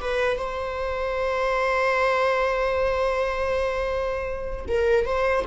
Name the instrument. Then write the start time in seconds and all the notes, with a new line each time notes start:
viola
0.00 B4
0.37 C5
4.68 A#4
5.05 C5